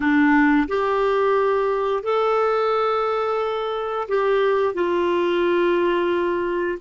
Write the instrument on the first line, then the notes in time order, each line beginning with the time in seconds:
clarinet
0.00 D4
0.68 G4
2.03 A4
4.08 G4
4.74 F4